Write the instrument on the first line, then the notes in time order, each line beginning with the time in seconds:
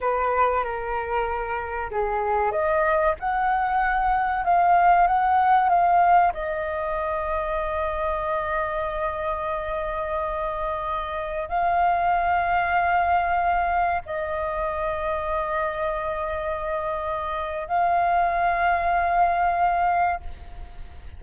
flute
0.00 B4
0.63 A#4
1.91 G#4
2.51 D#5
3.19 F#5
4.44 F5
5.07 F#5
5.69 F5
6.33 D#5
11.49 F5
14.05 D#5
17.67 F5